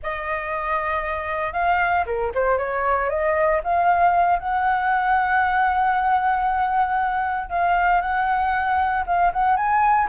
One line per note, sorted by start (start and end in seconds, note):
0.02 1.53 D#5
1.53 2.04 F5
2.06 2.32 A#4
2.34 2.58 C5
2.58 3.09 C#5
3.09 3.61 D#5
3.63 4.39 F5
4.39 7.49 F#5
7.49 8.01 F5
8.01 9.04 F#5
9.06 9.32 F5
9.32 9.56 F#5
9.56 10.07 G#5